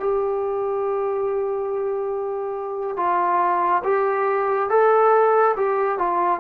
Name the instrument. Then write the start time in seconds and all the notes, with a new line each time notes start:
trombone
0.00 G4
2.97 F4
3.85 G4
4.70 A4
5.57 G4
5.99 F4